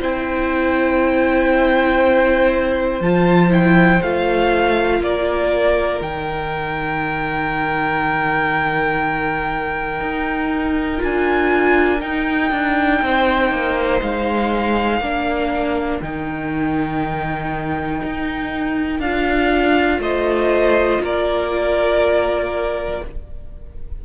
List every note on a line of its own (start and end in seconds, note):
0.00 3.00 C4
0.00 3.02 E4
0.00 5.00 C5
0.00 3.01 G5
3.00 4.00 F3
3.00 3.50 F4
3.00 3.51 A5
3.50 4.00 E4
3.50 4.02 G5
4.02 5.00 A3
4.02 6.02 F4
4.02 5.02 F5
5.00 6.00 A#3
5.00 13.04 A#4
5.00 6.02 D5
6.01 10.00 D#3
6.01 10.98 D#4
6.01 11.02 G5
10.00 11.00 D#4
10.98 12.01 D4
10.98 11.98 F4
10.98 12.01 G#5
12.00 15.00 D#4
12.00 12.51 D#4
12.00 14.01 G5
12.51 13.01 D4
13.02 13.51 C4
13.02 15.02 C5
13.51 14.01 A#3
14.01 15.00 G#3
14.01 16.01 F5
15.00 16.00 A#3
15.00 16.02 D4
15.00 20.02 A#4
16.01 18.01 D#3
16.01 19.02 D#4
16.01 19.00 G5
18.03 18.99 D#4
18.99 19.99 D4
18.99 23.02 F4
18.99 20.00 F5
19.99 20.99 A3
19.99 21.02 C5
19.99 21.02 D#5
21.00 23.00 A#3
21.00 23.04 A#4
21.00 23.05 D5